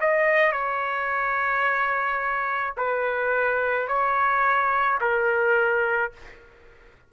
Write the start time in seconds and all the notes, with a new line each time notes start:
0.00 D#5
0.52 C#5
2.77 B4
3.87 C#5
5.01 A#4